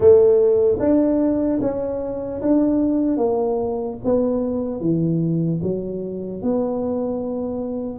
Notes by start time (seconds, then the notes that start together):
0.00 A3
0.79 D4
1.61 C#4
2.41 D4
3.17 A#3
4.04 B3
4.80 E3
5.63 F#3
6.42 B3